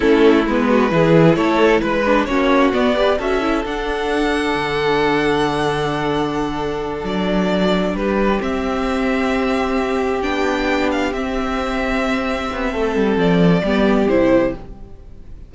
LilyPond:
<<
  \new Staff \with { instrumentName = "violin" } { \time 4/4 \tempo 4 = 132 a'4 b'2 cis''4 | b'4 cis''4 d''4 e''4 | fis''1~ | fis''2.~ fis''8 d''8~ |
d''4. b'4 e''4.~ | e''2~ e''8 g''4. | f''8 e''2.~ e''8~ | e''4 d''2 c''4 | }
  \new Staff \with { instrumentName = "violin" } { \time 4/4 e'4. fis'8 gis'4 a'4 | b'4 fis'4. b'8 a'4~ | a'1~ | a'1~ |
a'4. g'2~ g'8~ | g'1~ | g'1 | a'2 g'2 | }
  \new Staff \with { instrumentName = "viola" } { \time 4/4 cis'4 b4 e'2~ | e'8 d'8 cis'4 b8 g'8 fis'8 e'8 | d'1~ | d'1~ |
d'2~ d'8 c'4.~ | c'2~ c'8 d'4.~ | d'8 c'2.~ c'8~ | c'2 b4 e'4 | }
  \new Staff \with { instrumentName = "cello" } { \time 4/4 a4 gis4 e4 a4 | gis4 ais4 b4 cis'4 | d'2 d2~ | d2.~ d8 fis8~ |
fis4. g4 c'4.~ | c'2~ c'8 b4.~ | b8 c'2. b8 | a8 g8 f4 g4 c4 | }
>>